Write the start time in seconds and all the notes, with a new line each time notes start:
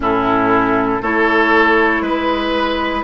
0.00 A2 C#4 E4 A4
1.02 A3 E4 A4 C#5
2.01 G#3 B4